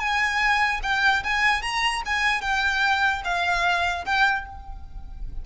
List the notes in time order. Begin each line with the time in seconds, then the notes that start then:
0.00 G#5
0.83 G5
1.24 G#5
1.62 A#5
2.06 G#5
2.41 G5
3.25 F5
4.05 G5